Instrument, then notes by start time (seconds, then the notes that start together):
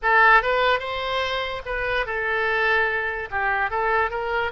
oboe
0.02 A4
0.42 B4
0.79 C5
1.65 B4
2.06 A4
3.31 G4
3.70 A4
4.10 A#4